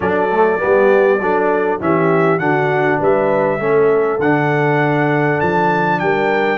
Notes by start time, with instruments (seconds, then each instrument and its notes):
0.00 tuba F#3, trombone D4, horn A4, trumpet D5
0.31 trombone A3
0.58 trombone B3, horn G4
0.64 tuba G3
1.20 tuba F#3, trombone D4, horn A4
1.79 tuba E3, trombone C#4, horn G4, trumpet E5
2.38 tuba D3, trombone D4, horn F#4, trumpet F#5
2.98 tuba G3, horn B4, trumpet E5
3.59 tuba A3, trombone C#4, horn A4
4.19 tuba D3, trombone D4, trumpet F#5
5.40 tuba F3, trumpet A5
5.99 tuba G3, horn A#4, trumpet G5